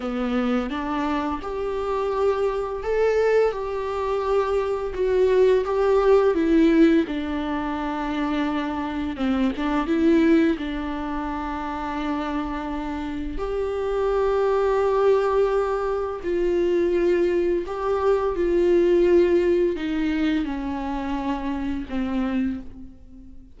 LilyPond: \new Staff \with { instrumentName = "viola" } { \time 4/4 \tempo 4 = 85 b4 d'4 g'2 | a'4 g'2 fis'4 | g'4 e'4 d'2~ | d'4 c'8 d'8 e'4 d'4~ |
d'2. g'4~ | g'2. f'4~ | f'4 g'4 f'2 | dis'4 cis'2 c'4 | }